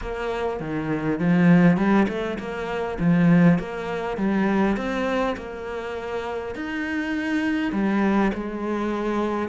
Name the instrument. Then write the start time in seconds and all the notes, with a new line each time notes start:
cello
0.01 A#3
0.60 D#3
1.19 F3
1.77 G3
2.08 A3
2.38 A#3
2.99 F3
3.58 A#3
4.17 G3
4.76 C4
5.36 A#3
6.55 D#4
7.72 G3
8.34 G#3